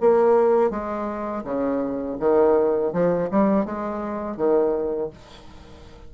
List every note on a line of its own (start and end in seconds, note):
0.00 0.70 A#3
0.70 1.43 G#3
1.44 2.17 C#3
2.19 2.92 D#3
2.92 3.29 F3
3.30 3.65 G3
3.65 4.36 G#3
4.36 5.10 D#3